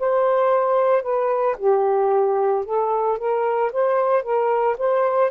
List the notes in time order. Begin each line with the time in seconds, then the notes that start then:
0.00 C5
1.03 B4
1.58 G4
2.65 A4
3.19 A#4
3.73 C5
4.23 A#4
4.79 C5